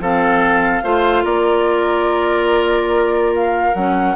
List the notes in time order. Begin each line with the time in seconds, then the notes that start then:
0.00 F3 C4 A4 F5
0.84 A3 F4 C5
1.24 A#3 A#4 D5
3.36 F5
3.75 F#3 C#4 F#5